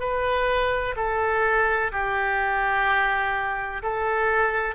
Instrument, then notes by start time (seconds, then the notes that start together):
oboe
0.00 B4
0.97 A4
1.92 G4
3.83 A4